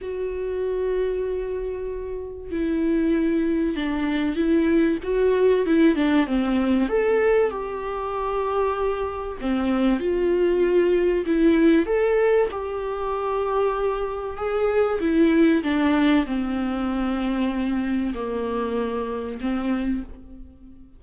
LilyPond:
\new Staff \with { instrumentName = "viola" } { \time 4/4 \tempo 4 = 96 fis'1 | e'2 d'4 e'4 | fis'4 e'8 d'8 c'4 a'4 | g'2. c'4 |
f'2 e'4 a'4 | g'2. gis'4 | e'4 d'4 c'2~ | c'4 ais2 c'4 | }